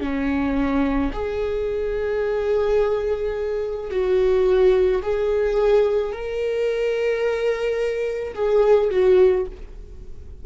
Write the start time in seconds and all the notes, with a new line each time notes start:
0.00 C#4
1.13 G#4
3.90 F#4
5.03 G#4
6.12 A#4
8.34 G#4
8.90 F#4